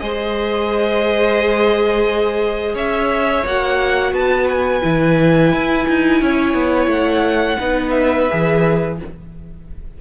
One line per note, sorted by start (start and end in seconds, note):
0.00 2.75 G#3
0.00 3.47 G#4
0.00 2.75 C5
0.00 2.76 D#5
2.75 3.44 C#4
2.75 4.13 C#5
2.75 3.47 E5
3.47 4.13 A#3
3.47 4.82 F#4
3.47 4.14 F#5
4.13 4.82 B3
4.13 6.22 B4
4.13 4.48 A5
4.49 6.91 G#5
4.82 5.53 E3
4.82 7.58 E4
5.53 5.88 E4
5.88 6.22 D#4
6.22 6.54 C#4
6.22 7.59 C#5
6.54 6.88 B3
6.88 7.57 A3
6.88 7.91 F#5
7.59 8.29 B3
7.59 8.29 D#4
7.59 8.97 B4
7.91 8.94 E5
8.30 9.02 E3
8.30 8.99 G#4